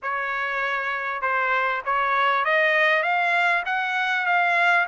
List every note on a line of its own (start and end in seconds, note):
0.02 1.21 C#5
1.21 1.82 C5
1.85 2.45 C#5
2.45 3.02 D#5
3.02 3.63 F5
3.65 4.26 F#5
4.26 4.86 F5